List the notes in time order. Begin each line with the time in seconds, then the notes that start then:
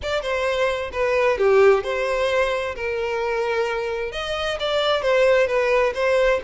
0.02 D5
0.22 C5
0.92 B4
1.37 G4
1.83 C5
2.75 A#4
4.12 D#5
4.59 D5
5.02 C5
5.47 B4
5.94 C5